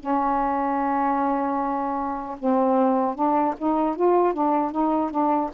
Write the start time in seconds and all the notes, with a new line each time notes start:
0.00 C#4
2.39 C4
3.15 D4
3.58 D#4
3.96 F4
4.33 D4
4.72 D#4
5.11 D4